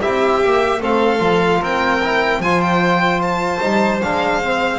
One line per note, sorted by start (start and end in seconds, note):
0.00 0.44 C4
0.00 0.42 E4
0.00 0.80 G4
0.00 0.81 E5
0.42 0.80 A#3
0.42 0.81 G4
0.80 1.20 A3
0.80 1.19 C4
0.80 1.60 A4
0.80 1.63 F5
1.19 1.60 F3
1.19 1.99 F4
1.60 2.39 C4
1.60 2.40 A#4
1.60 2.41 G5
2.03 2.43 E4
2.39 3.59 F3
2.39 3.60 F4
2.39 4.79 C5
2.39 2.61 G#5
2.61 3.21 G5
3.22 4.01 A5
3.60 4.03 G3
3.60 4.00 D#4
4.01 4.79 G#3
4.01 4.43 D4
4.01 4.79 F5
4.43 4.79 C4